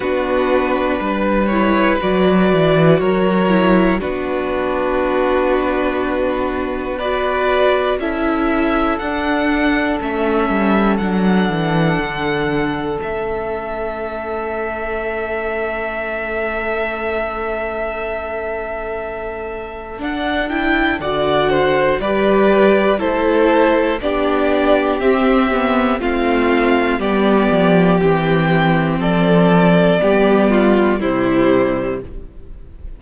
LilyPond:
<<
  \new Staff \with { instrumentName = "violin" } { \time 4/4 \tempo 4 = 60 b'4. cis''8 d''4 cis''4 | b'2. d''4 | e''4 fis''4 e''4 fis''4~ | fis''4 e''2.~ |
e''1 | fis''8 g''8 fis''4 d''4 c''4 | d''4 e''4 f''4 d''4 | g''4 d''2 c''4 | }
  \new Staff \with { instrumentName = "violin" } { \time 4/4 fis'4 b'2 ais'4 | fis'2. b'4 | a'1~ | a'1~ |
a'1~ | a'4 d''8 c''8 b'4 a'4 | g'2 f'4 g'4~ | g'4 a'4 g'8 f'8 e'4 | }
  \new Staff \with { instrumentName = "viola" } { \time 4/4 d'4. e'8 fis'4. e'8 | d'2. fis'4 | e'4 d'4 cis'4 d'4~ | d'4 cis'2.~ |
cis'1 | d'8 e'8 fis'4 g'4 e'4 | d'4 c'8 b8 c'4 b4 | c'2 b4 g4 | }
  \new Staff \with { instrumentName = "cello" } { \time 4/4 b4 g4 fis8 e8 fis4 | b1 | cis'4 d'4 a8 g8 fis8 e8 | d4 a2.~ |
a1 | d'4 d4 g4 a4 | b4 c'4 a4 g8 f8 | e4 f4 g4 c4 | }
>>